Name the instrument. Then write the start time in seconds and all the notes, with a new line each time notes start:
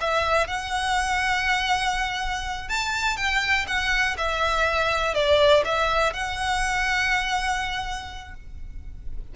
violin
0.00 E5
0.47 F#5
2.68 A5
3.17 G5
3.67 F#5
4.17 E5
5.14 D5
5.64 E5
6.13 F#5